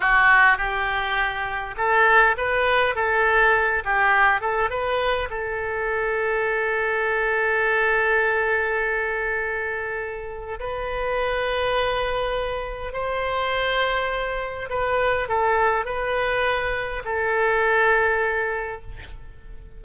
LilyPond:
\new Staff \with { instrumentName = "oboe" } { \time 4/4 \tempo 4 = 102 fis'4 g'2 a'4 | b'4 a'4. g'4 a'8 | b'4 a'2.~ | a'1~ |
a'2 b'2~ | b'2 c''2~ | c''4 b'4 a'4 b'4~ | b'4 a'2. | }